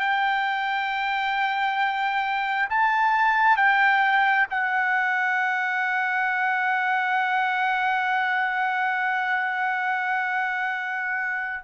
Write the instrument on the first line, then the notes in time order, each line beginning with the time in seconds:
trumpet
0.00 G5
2.70 A5
3.57 G5
4.51 F#5